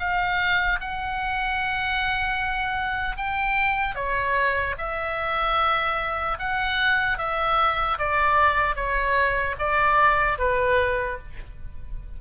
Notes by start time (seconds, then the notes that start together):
0.00 F5
0.81 F#5
3.17 G5
3.95 C#5
4.78 E5
6.39 F#5
7.18 E5
7.99 D5
8.76 C#5
9.59 D5
10.39 B4